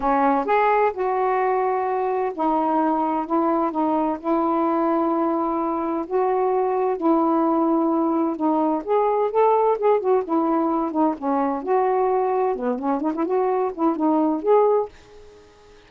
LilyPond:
\new Staff \with { instrumentName = "saxophone" } { \time 4/4 \tempo 4 = 129 cis'4 gis'4 fis'2~ | fis'4 dis'2 e'4 | dis'4 e'2.~ | e'4 fis'2 e'4~ |
e'2 dis'4 gis'4 | a'4 gis'8 fis'8 e'4. dis'8 | cis'4 fis'2 b8 cis'8 | dis'16 e'16 fis'4 e'8 dis'4 gis'4 | }